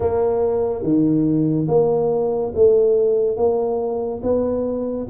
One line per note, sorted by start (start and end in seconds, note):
0.00 0.82 A#3
0.82 1.67 D#3
1.68 2.52 A#3
2.54 3.36 A3
3.36 4.21 A#3
4.23 5.07 B3